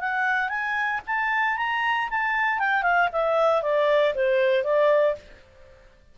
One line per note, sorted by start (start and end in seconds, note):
0.00 0.49 F#5
0.49 1.01 G#5
1.07 1.57 A5
1.57 2.09 A#5
2.10 2.59 A5
2.59 2.83 G5
2.83 3.09 F5
3.12 3.62 E5
3.62 4.14 D5
4.15 4.64 C5
4.64 5.16 D5